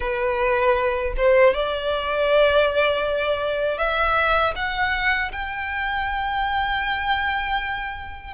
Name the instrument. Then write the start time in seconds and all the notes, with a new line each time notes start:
violin
0.00 B4
1.16 C5
1.54 D5
3.78 E5
4.55 F#5
5.32 G5